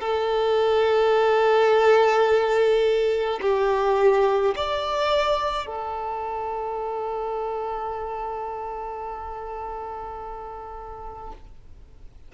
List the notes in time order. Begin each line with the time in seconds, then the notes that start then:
0.00 A4
3.42 G4
4.56 D5
5.66 A4